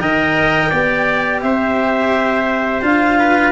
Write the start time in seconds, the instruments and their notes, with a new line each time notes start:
0.00 tuba D#3, cello A#4, trumpet D#5, clarinet G5
0.70 tuba B3, cello G4, trumpet D5
1.42 tuba C4, trumpet C5, clarinet E5
2.82 tuba D4, cello F4, clarinet F5
3.20 trumpet B4